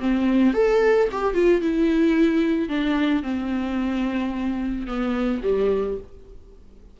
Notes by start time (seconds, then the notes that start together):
0.00 C4
0.54 A4
1.12 G4
1.34 F4
1.62 E4
2.69 D4
3.23 C4
4.87 B3
5.43 G3